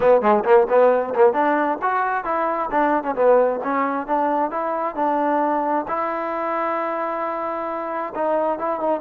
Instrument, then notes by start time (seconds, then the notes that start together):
trombone
0.00 B3
0.21 G#3
0.44 A#3
0.69 B3
1.14 A#3
1.33 D4
1.82 F#4
2.24 E4
2.71 D4
3.03 C#4
3.15 B3
3.63 C#4
4.07 D4
4.50 E4
4.95 D4
5.88 E4
8.14 D#4
8.58 E4
8.80 D#4